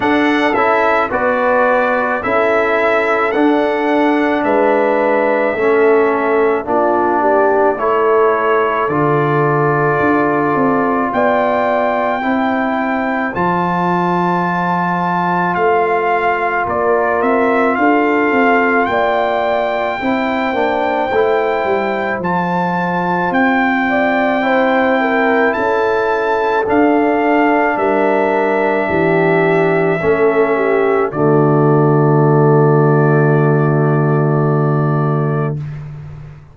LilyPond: <<
  \new Staff \with { instrumentName = "trumpet" } { \time 4/4 \tempo 4 = 54 fis''8 e''8 d''4 e''4 fis''4 | e''2 d''4 cis''4 | d''2 g''2 | a''2 f''4 d''8 e''8 |
f''4 g''2. | a''4 g''2 a''4 | f''4 e''2. | d''1 | }
  \new Staff \with { instrumentName = "horn" } { \time 4/4 a'4 b'4 a'2 | b'4 a'4 f'8 g'8 a'4~ | a'2 d''4 c''4~ | c''2. ais'4 |
a'4 d''4 c''2~ | c''4. d''8 c''8 ais'8 a'4~ | a'4 ais'4 g'4 a'8 g'8 | fis'1 | }
  \new Staff \with { instrumentName = "trombone" } { \time 4/4 d'8 e'8 fis'4 e'4 d'4~ | d'4 cis'4 d'4 e'4 | f'2. e'4 | f'1~ |
f'2 e'8 d'8 e'4 | f'2 e'2 | d'2. cis'4 | a1 | }
  \new Staff \with { instrumentName = "tuba" } { \time 4/4 d'8 cis'8 b4 cis'4 d'4 | gis4 a4 ais4 a4 | d4 d'8 c'8 b4 c'4 | f2 a4 ais8 c'8 |
d'8 c'8 ais4 c'8 ais8 a8 g8 | f4 c'2 cis'4 | d'4 g4 e4 a4 | d1 | }
>>